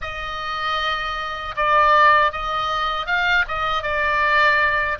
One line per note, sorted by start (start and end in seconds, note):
0.01 1.55 D#5
1.56 2.31 D5
2.31 3.06 D#5
3.06 3.44 F5
3.48 3.83 D#5
3.83 4.98 D5